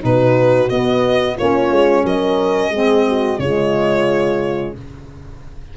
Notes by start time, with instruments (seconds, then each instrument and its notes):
0.00 tuba B2, saxophone D#4, horn F#4, violin B4
0.70 tuba B3, saxophone B3, violin D#5
1.36 tuba A#3, saxophone C#4, horn F4, violin C#5
1.71 tuba G#3
2.04 tuba F#3, horn A#4, violin D#5
2.70 tuba G#3, saxophone C4, horn G#4
3.07 horn F#4
3.39 tuba C#3, saxophone G#3, horn F4, violin C#5